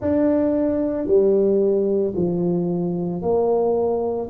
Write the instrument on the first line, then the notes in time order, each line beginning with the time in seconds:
tuba
0.01 D4
1.06 G3
2.15 F3
3.21 A#3